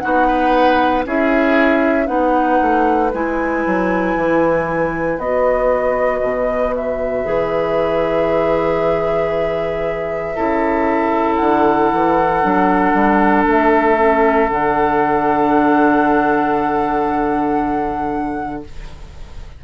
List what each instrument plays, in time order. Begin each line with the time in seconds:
0.00 bassoon B3, clarinet D#4, oboe F#4, flute F#5
0.27 oboe B4
1.06 bassoon C#4, clarinet E4, oboe G#4, flute E5
2.06 bassoon B3, clarinet D#4, oboe B4, flute F#5
2.62 bassoon A3
3.14 bassoon G#3, clarinet E4, flute G#5
3.66 bassoon F#3
4.16 bassoon E3
5.18 bassoon B3, clarinet F#4, flute D#5
6.22 bassoon B2
6.75 flute E5
7.25 bassoon E3, clarinet G#4
10.36 bassoon C#3, clarinet E4, oboe A4
11.36 bassoon D3, flute F#5
11.93 bassoon E3
12.42 bassoon F#3, clarinet D4
12.94 bassoon G3
13.47 bassoon A3, flute E5
13.97 clarinet C#4
14.49 bassoon D3, clarinet D4, flute F#5